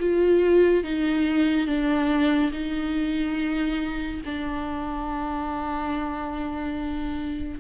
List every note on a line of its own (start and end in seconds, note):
0.00 0.84 F4
0.84 1.67 D#4
1.67 2.51 D4
2.52 4.21 D#4
4.25 7.60 D4